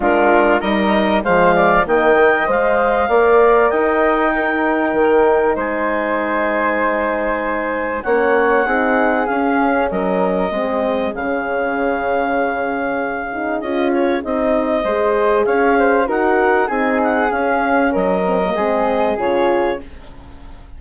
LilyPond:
<<
  \new Staff \with { instrumentName = "clarinet" } { \time 4/4 \tempo 4 = 97 ais'4 dis''4 f''4 g''4 | f''2 g''2~ | g''4 gis''2.~ | gis''4 fis''2 f''4 |
dis''2 f''2~ | f''2 dis''8 cis''8 dis''4~ | dis''4 f''4 fis''4 gis''8 fis''8 | f''4 dis''2 cis''4 | }
  \new Staff \with { instrumentName = "flute" } { \time 4/4 f'4 ais'4 c''8 d''8 dis''4~ | dis''4 d''4 dis''4 ais'4~ | ais'4 c''2.~ | c''4 cis''4 gis'2 |
ais'4 gis'2.~ | gis'1 | c''4 cis''8 c''8 ais'4 gis'4~ | gis'4 ais'4 gis'2 | }
  \new Staff \with { instrumentName = "horn" } { \time 4/4 d'4 dis'4 gis4 ais8 ais'8 | c''4 ais'2 dis'4~ | dis'1~ | dis'4 cis'4 dis'4 cis'4~ |
cis'4 c'4 cis'2~ | cis'4. dis'8 f'4 dis'4 | gis'2 fis'4 dis'4 | cis'4. c'16 ais16 c'4 f'4 | }
  \new Staff \with { instrumentName = "bassoon" } { \time 4/4 gis4 g4 f4 dis4 | gis4 ais4 dis'2 | dis4 gis2.~ | gis4 ais4 c'4 cis'4 |
fis4 gis4 cis2~ | cis2 cis'4 c'4 | gis4 cis'4 dis'4 c'4 | cis'4 fis4 gis4 cis4 | }
>>